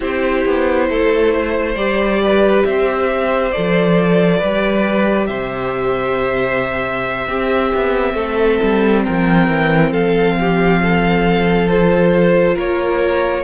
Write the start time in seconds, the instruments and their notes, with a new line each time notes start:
0.00 cello C4, viola E4, violin G4 C5
0.45 cello B3
0.89 cello A3, violin A4
1.33 violin C5
1.75 cello G3, viola G4, violin D5
2.23 violin B4
2.64 cello C4, violin C5 E5
3.51 cello F3, viola A4, violin D5
4.37 cello G3, viola G4, violin B4
5.26 cello C3, violin C5 E5
7.27 cello C4, viola C4, violin G4
7.74 cello B3
8.14 cello A3, violin A4
8.62 cello G3
9.04 cello F3, violin A#4 G5
9.48 cello E3
9.90 cello F3, violin A4 F5
10.39 violin G4
10.82 violin A4
11.69 viola F4, violin C5
12.54 cello A#3, violin A#4 C#5